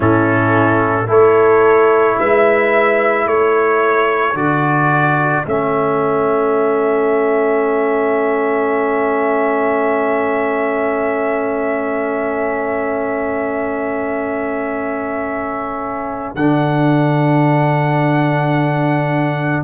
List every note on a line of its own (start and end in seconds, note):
0.00 1.08 A2
0.00 1.07 C#4
0.00 1.07 E4
0.00 1.10 A4
1.07 2.18 A3
1.07 4.34 E4
1.07 2.17 A4
1.07 2.19 C#5
2.19 3.25 G#3
2.19 3.28 B4
2.19 3.27 E5
3.25 4.34 A3
3.25 19.64 A4
3.25 4.36 C#5
4.34 5.43 D3
4.34 5.44 F#4
4.34 5.45 D5
5.45 16.35 A3
5.45 16.36 C#4
5.45 16.35 E5
16.35 19.62 D3
16.35 19.64 D4
16.35 19.62 F#5